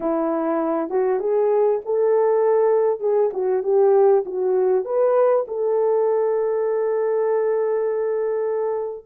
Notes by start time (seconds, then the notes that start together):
0.00 E4
0.89 F#4
1.19 G#4
1.85 A4
3.00 G#4
3.33 F#4
3.63 G4
4.25 F#4
4.85 B4
5.47 A4